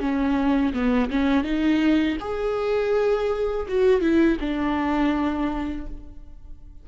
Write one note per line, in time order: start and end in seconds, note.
0.00 0.73 C#4
0.74 1.10 B3
1.10 1.44 C#4
1.44 2.17 D#4
2.20 3.67 G#4
3.69 4.01 F#4
4.01 4.38 E4
4.40 5.87 D4